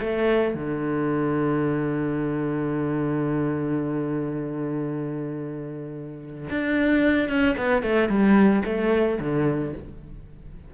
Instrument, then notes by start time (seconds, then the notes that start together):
cello
0.00 A3
0.54 D3
6.50 D4
7.29 C#4
7.57 B3
7.82 A3
8.09 G3
8.65 A3
9.20 D3